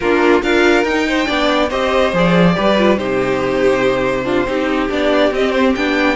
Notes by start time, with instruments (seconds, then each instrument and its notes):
0.00 cello A#3, viola D4, violin F4 A#4
0.42 cello D4, viola F4, violin A#4 F5
0.84 cello D#4, viola D#4, violin G5
1.07 violin C5
1.25 cello B3, viola D4, violin D5
1.69 cello C4, viola G4, violin C5 D#5
2.13 cello F3, viola G#4, violin D5
2.54 cello G3, viola G4, violin B4
2.78 viola F4
2.97 cello C3, viola D#4, violin G4 C5
4.23 viola D4, violin F4
4.45 cello C4, viola D#4, violin G4
4.89 cello B3, viola D4, violin D5
5.31 cello C4, viola C4, violin D#5
5.52 violin C5
5.75 cello B3, viola D4, violin G5